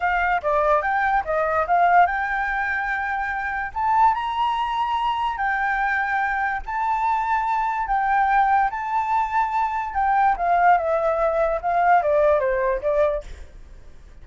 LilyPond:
\new Staff \with { instrumentName = "flute" } { \time 4/4 \tempo 4 = 145 f''4 d''4 g''4 dis''4 | f''4 g''2.~ | g''4 a''4 ais''2~ | ais''4 g''2. |
a''2. g''4~ | g''4 a''2. | g''4 f''4 e''2 | f''4 d''4 c''4 d''4 | }